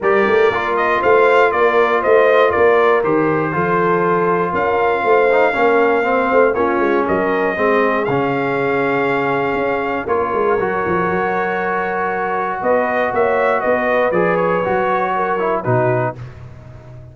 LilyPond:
<<
  \new Staff \with { instrumentName = "trumpet" } { \time 4/4 \tempo 4 = 119 d''4. dis''8 f''4 d''4 | dis''4 d''4 c''2~ | c''4 f''2.~ | f''4 cis''4 dis''2 |
f''1 | cis''1~ | cis''4 dis''4 e''4 dis''4 | d''8 cis''2~ cis''8 b'4 | }
  \new Staff \with { instrumentName = "horn" } { \time 4/4 ais'2 c''4 ais'4 | c''4 ais'2 a'4~ | a'4 ais'4 c''4 ais'4 | c''4 f'4 ais'4 gis'4~ |
gis'1 | ais'1~ | ais'4 b'4 cis''4 b'4~ | b'2 ais'4 fis'4 | }
  \new Staff \with { instrumentName = "trombone" } { \time 4/4 g'4 f'2.~ | f'2 g'4 f'4~ | f'2~ f'8 dis'8 cis'4 | c'4 cis'2 c'4 |
cis'1 | f'4 fis'2.~ | fis'1 | gis'4 fis'4. e'8 dis'4 | }
  \new Staff \with { instrumentName = "tuba" } { \time 4/4 g8 a8 ais4 a4 ais4 | a4 ais4 dis4 f4~ | f4 cis'4 a4 ais4~ | ais8 a8 ais8 gis8 fis4 gis4 |
cis2. cis'4 | ais8 gis8 fis8 f8 fis2~ | fis4 b4 ais4 b4 | f4 fis2 b,4 | }
>>